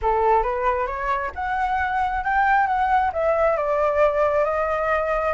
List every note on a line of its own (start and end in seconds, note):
0.02 0.42 A4
0.42 0.86 B4
0.86 1.31 C#5
1.35 2.23 F#5
2.24 2.66 G5
2.66 3.11 F#5
3.12 3.57 E5
3.57 4.44 D5
4.44 5.33 D#5